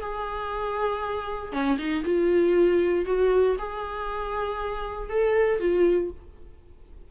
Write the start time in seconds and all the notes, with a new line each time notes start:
0.00 G#4
1.52 C#4
1.78 D#4
2.05 F4
3.05 F#4
3.58 G#4
5.09 A4
5.60 F4